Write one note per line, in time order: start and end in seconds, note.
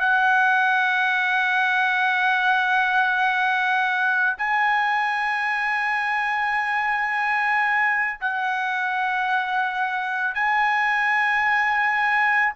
0.00 4.36 F#5
4.37 8.19 G#5
8.21 10.34 F#5
10.34 12.53 G#5